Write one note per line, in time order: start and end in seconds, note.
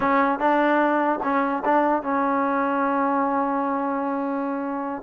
0.00 0.39 C#4
0.39 1.19 D4
1.23 1.63 C#4
1.65 2.02 D4
2.02 5.03 C#4